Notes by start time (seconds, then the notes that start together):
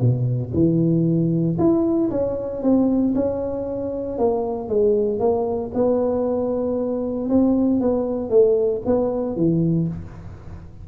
0.00 B2
0.54 E3
1.58 E4
2.11 C#4
2.62 C4
3.15 C#4
4.18 A#3
4.69 G#3
5.19 A#3
5.74 B3
7.29 C4
7.81 B3
8.30 A3
8.86 B3
9.36 E3